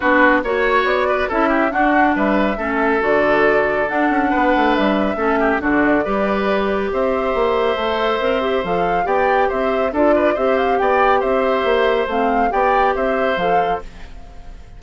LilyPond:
<<
  \new Staff \with { instrumentName = "flute" } { \time 4/4 \tempo 4 = 139 b'4 cis''4 d''4 e''4 | fis''4 e''2 d''4~ | d''4 fis''2 e''4~ | e''4 d''2. |
e''1 | f''4 g''4 e''4 d''4 | e''8 f''8 g''4 e''2 | f''4 g''4 e''4 f''4 | }
  \new Staff \with { instrumentName = "oboe" } { \time 4/4 fis'4 cis''4. b'8 a'8 g'8 | fis'4 b'4 a'2~ | a'2 b'2 | a'8 g'8 fis'4 b'2 |
c''1~ | c''4 d''4 c''4 a'8 b'8 | c''4 d''4 c''2~ | c''4 d''4 c''2 | }
  \new Staff \with { instrumentName = "clarinet" } { \time 4/4 d'4 fis'2 e'4 | d'2 cis'4 fis'4~ | fis'4 d'2. | cis'4 d'4 g'2~ |
g'2 a'4 ais'8 g'8 | a'4 g'2 f'4 | g'1 | c'4 g'2 a'4 | }
  \new Staff \with { instrumentName = "bassoon" } { \time 4/4 b4 ais4 b4 cis'4 | d'4 g4 a4 d4~ | d4 d'8 cis'8 b8 a8 g4 | a4 d4 g2 |
c'4 ais4 a4 c'4 | f4 b4 c'4 d'4 | c'4 b4 c'4 ais4 | a4 b4 c'4 f4 | }
>>